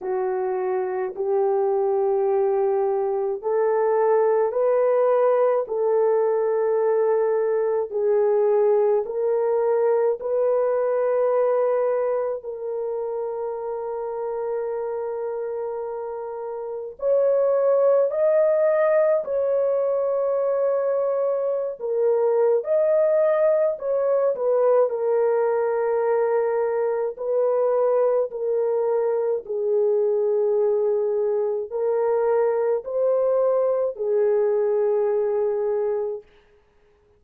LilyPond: \new Staff \with { instrumentName = "horn" } { \time 4/4 \tempo 4 = 53 fis'4 g'2 a'4 | b'4 a'2 gis'4 | ais'4 b'2 ais'4~ | ais'2. cis''4 |
dis''4 cis''2~ cis''16 ais'8. | dis''4 cis''8 b'8 ais'2 | b'4 ais'4 gis'2 | ais'4 c''4 gis'2 | }